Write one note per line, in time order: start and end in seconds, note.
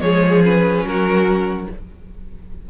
0.00 0.83 F3
0.00 0.43 G#3
0.00 0.85 G#4
0.00 0.42 C#5
0.43 1.68 C#4
0.43 0.86 B4
0.83 1.67 F#3
0.83 1.70 F#4
0.83 1.69 A#4